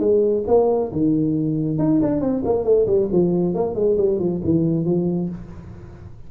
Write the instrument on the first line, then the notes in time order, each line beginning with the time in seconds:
tuba
0.00 G#3
0.48 A#3
0.92 D#3
1.79 D#4
2.03 D4
2.21 C4
2.45 A#3
2.65 A3
2.87 G3
3.12 F3
3.55 A#3
3.75 G#3
3.98 G3
4.20 F3
4.44 E3
4.86 F3